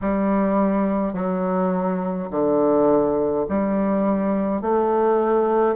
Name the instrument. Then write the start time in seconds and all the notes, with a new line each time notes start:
bassoon
0.01 G3
1.13 F#3
2.30 D3
3.48 G3
4.61 A3